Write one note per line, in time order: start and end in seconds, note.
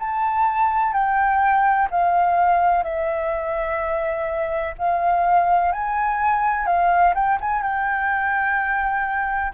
0.00 0.93 A5
0.93 1.88 G5
1.91 2.84 F5
2.84 4.74 E5
4.78 5.72 F5
5.72 6.67 G#5
6.67 7.14 F5
7.15 7.39 G5
7.41 7.62 G#5
7.62 9.53 G5